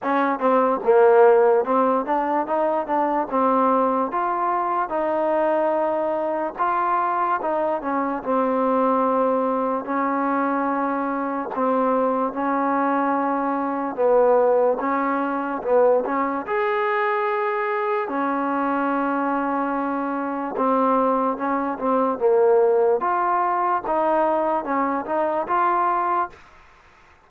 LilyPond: \new Staff \with { instrumentName = "trombone" } { \time 4/4 \tempo 4 = 73 cis'8 c'8 ais4 c'8 d'8 dis'8 d'8 | c'4 f'4 dis'2 | f'4 dis'8 cis'8 c'2 | cis'2 c'4 cis'4~ |
cis'4 b4 cis'4 b8 cis'8 | gis'2 cis'2~ | cis'4 c'4 cis'8 c'8 ais4 | f'4 dis'4 cis'8 dis'8 f'4 | }